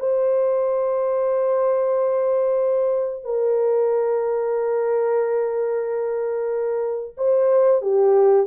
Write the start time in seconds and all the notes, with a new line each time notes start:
0.00 C5
3.24 A#4
7.18 C5
7.82 G4